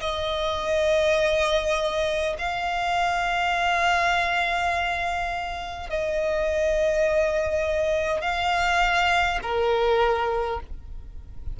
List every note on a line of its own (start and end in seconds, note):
0.00 2.35 D#5
2.39 5.89 F5
5.89 8.21 D#5
8.21 9.39 F5
9.42 10.60 A#4